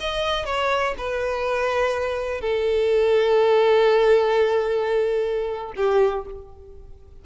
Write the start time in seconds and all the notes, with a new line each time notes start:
0.00 D#5
0.45 C#5
0.98 B4
2.41 A4
5.76 G4